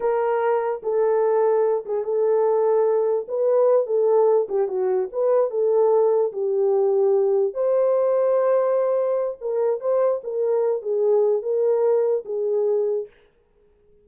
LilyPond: \new Staff \with { instrumentName = "horn" } { \time 4/4 \tempo 4 = 147 ais'2 a'2~ | a'8 gis'8 a'2. | b'4. a'4. g'8 fis'8~ | fis'8 b'4 a'2 g'8~ |
g'2~ g'8 c''4.~ | c''2. ais'4 | c''4 ais'4. gis'4. | ais'2 gis'2 | }